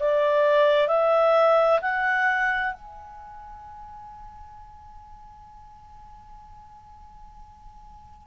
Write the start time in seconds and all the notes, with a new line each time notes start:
0.00 D5
0.88 E5
1.81 F#5
2.73 G#5